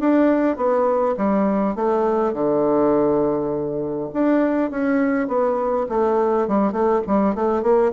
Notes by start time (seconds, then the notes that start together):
0.00 D4
0.57 B3
1.17 G3
1.75 A3
2.33 D3
4.13 D4
4.71 C#4
5.28 B3
5.89 A3
6.48 G3
6.72 A3
7.07 G3
7.35 A3
7.63 A#3